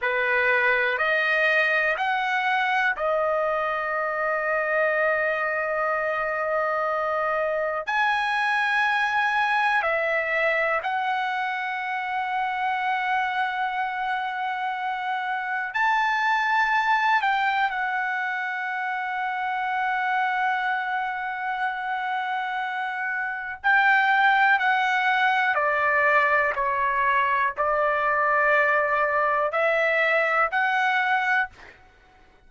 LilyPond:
\new Staff \with { instrumentName = "trumpet" } { \time 4/4 \tempo 4 = 61 b'4 dis''4 fis''4 dis''4~ | dis''1 | gis''2 e''4 fis''4~ | fis''1 |
a''4. g''8 fis''2~ | fis''1 | g''4 fis''4 d''4 cis''4 | d''2 e''4 fis''4 | }